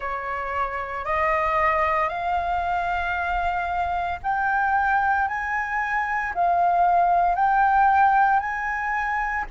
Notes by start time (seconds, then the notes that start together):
0.00 C#5
1.04 D#5
2.08 F5
4.22 G5
5.28 G#5
6.34 F5
7.34 G5
8.39 G#5